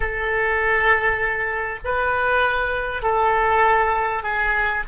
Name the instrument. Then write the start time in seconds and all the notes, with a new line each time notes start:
oboe
0.00 A4
1.84 B4
3.02 A4
4.23 G#4